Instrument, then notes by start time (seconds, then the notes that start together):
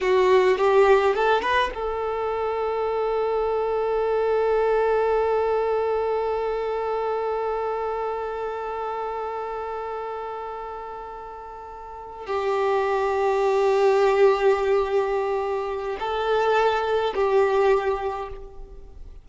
violin
0.01 F#4
0.58 G4
1.14 A4
1.41 B4
1.74 A4
12.26 G4
15.99 A4
17.14 G4